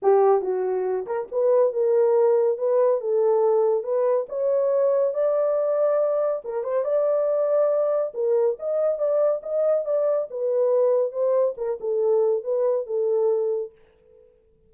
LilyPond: \new Staff \with { instrumentName = "horn" } { \time 4/4 \tempo 4 = 140 g'4 fis'4. ais'8 b'4 | ais'2 b'4 a'4~ | a'4 b'4 cis''2 | d''2. ais'8 c''8 |
d''2. ais'4 | dis''4 d''4 dis''4 d''4 | b'2 c''4 ais'8 a'8~ | a'4 b'4 a'2 | }